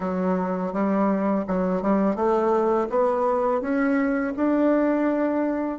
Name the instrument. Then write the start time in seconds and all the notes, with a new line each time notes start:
bassoon
0.00 F#3
0.72 G3
1.47 F#3
1.82 G3
2.15 A3
2.89 B3
3.61 C#4
4.36 D4